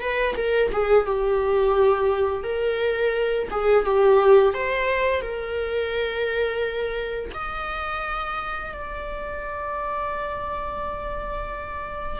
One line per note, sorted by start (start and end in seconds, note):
0.00 0.35 B4
0.36 0.71 A#4
0.72 1.05 G#4
1.05 2.43 G4
2.43 3.48 A#4
3.50 3.85 G#4
3.85 4.53 G4
4.53 5.21 C5
5.21 7.30 A#4
7.33 8.72 D#5
8.72 12.19 D5